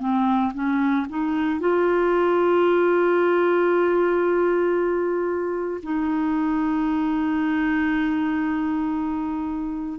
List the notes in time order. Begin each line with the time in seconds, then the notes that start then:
0.00 C4
0.54 C#4
1.10 D#4
1.60 F4
5.83 D#4